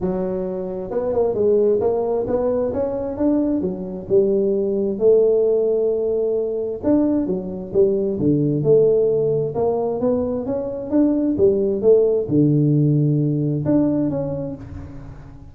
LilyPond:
\new Staff \with { instrumentName = "tuba" } { \time 4/4 \tempo 4 = 132 fis2 b8 ais8 gis4 | ais4 b4 cis'4 d'4 | fis4 g2 a4~ | a2. d'4 |
fis4 g4 d4 a4~ | a4 ais4 b4 cis'4 | d'4 g4 a4 d4~ | d2 d'4 cis'4 | }